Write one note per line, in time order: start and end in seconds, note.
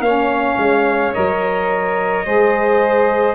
0.00 0.56 A#3
0.00 1.14 C#4
0.00 2.26 C#5
0.00 1.13 F5
0.58 1.14 G#3
1.14 2.26 F#3
1.14 2.25 A#4
1.14 3.36 D#5
2.25 3.36 G#3
2.25 3.36 G#4
2.25 3.36 C5